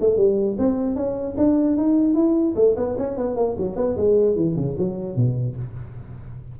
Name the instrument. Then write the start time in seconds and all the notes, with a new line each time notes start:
tuba
0.00 A3
0.17 G3
0.59 C4
0.95 C#4
1.37 D4
1.77 D#4
2.14 E4
2.56 A3
2.76 B3
2.98 C#4
3.17 B3
3.36 A#3
3.57 F#3
3.76 B3
3.97 G#3
4.36 E3
4.56 C#3
4.78 F#3
5.16 B2